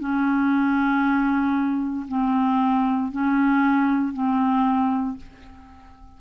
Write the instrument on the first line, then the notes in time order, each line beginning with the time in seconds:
clarinet
0.00 C#4
2.09 C4
3.12 C#4
4.14 C4